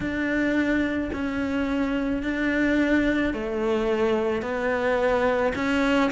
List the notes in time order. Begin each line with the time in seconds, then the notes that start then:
0.00 D4
1.12 C#4
2.22 D4
3.33 A3
4.41 B3
5.55 C#4